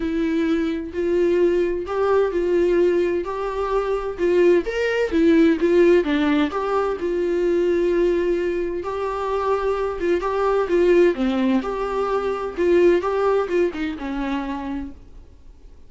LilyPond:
\new Staff \with { instrumentName = "viola" } { \time 4/4 \tempo 4 = 129 e'2 f'2 | g'4 f'2 g'4~ | g'4 f'4 ais'4 e'4 | f'4 d'4 g'4 f'4~ |
f'2. g'4~ | g'4. f'8 g'4 f'4 | c'4 g'2 f'4 | g'4 f'8 dis'8 cis'2 | }